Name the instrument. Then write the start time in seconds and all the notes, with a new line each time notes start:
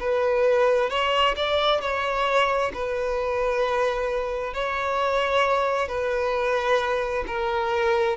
violin
0.00 B4
0.90 C#5
1.36 D5
1.81 C#5
2.74 B4
4.54 C#5
5.88 B4
7.27 A#4